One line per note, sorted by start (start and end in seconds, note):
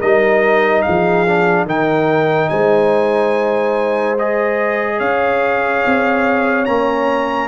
0.00 0.86 G3
0.00 1.27 D#4
0.00 0.83 A#4
0.00 0.82 D#5
0.82 1.66 G#4
0.82 1.65 F5
0.88 1.65 F3
1.27 1.68 D4
1.65 2.49 D#3
1.65 4.18 D#4
1.65 2.49 A#4
1.65 2.49 G5
2.49 5.00 G#3
2.49 4.98 C5
2.49 4.16 G#5
4.19 6.66 G#4
4.19 4.99 D#5
4.98 5.84 C#4
4.98 7.48 C#5
4.98 6.65 F5
5.86 6.68 C4
6.65 7.48 A#3
6.65 7.48 C#4
6.65 7.48 A#5